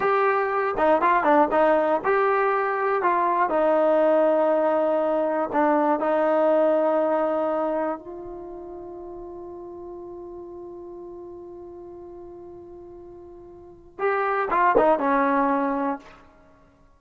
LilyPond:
\new Staff \with { instrumentName = "trombone" } { \time 4/4 \tempo 4 = 120 g'4. dis'8 f'8 d'8 dis'4 | g'2 f'4 dis'4~ | dis'2. d'4 | dis'1 |
f'1~ | f'1~ | f'1 | g'4 f'8 dis'8 cis'2 | }